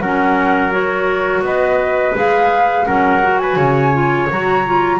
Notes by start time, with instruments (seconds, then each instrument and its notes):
0.00 double bass F#3, clarinet C#4, trumpet A#4, flute F#5
0.71 clarinet F#4, flute C#5
1.41 double bass B3, trumpet B4, flute D#5
2.14 double bass G#3, clarinet G#4, flute F5
2.85 double bass F#3, clarinet C#4, trumpet A#4, flute F#5
3.21 clarinet F#4
3.38 trumpet B4, flute G#5
3.56 double bass C#3, trumpet C#5
3.93 clarinet F4
4.30 double bass F#3, clarinet F#4, flute A#5
4.66 clarinet F4